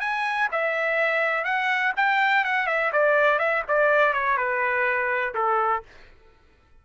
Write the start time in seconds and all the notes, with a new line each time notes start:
0.00 G#5
0.51 E5
1.45 F#5
1.96 G5
2.44 F#5
2.67 E5
2.92 D5
3.38 E5
3.68 D5
4.13 C#5
4.37 B4
5.34 A4